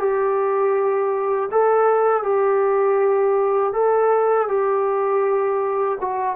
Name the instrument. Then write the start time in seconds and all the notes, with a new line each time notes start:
trombone
0.00 G4
1.52 A4
2.23 G4
3.74 A4
4.49 G4
6.01 F#4